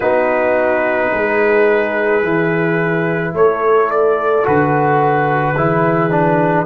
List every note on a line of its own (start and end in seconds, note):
0.00 1.10 B3
0.00 2.23 D#4
0.00 1.09 F#4
0.00 3.33 B4
1.11 2.22 G#3
1.11 3.34 G#4
2.22 3.33 E3
2.22 4.43 E4
3.33 4.44 A3
3.33 5.55 A4
3.33 3.90 C#5
3.90 4.46 D5
4.43 5.56 D3
4.43 5.54 F#4
4.43 6.65 B4
5.55 6.65 E3
5.55 6.10 E4
5.55 6.65 G#4
6.10 6.65 D4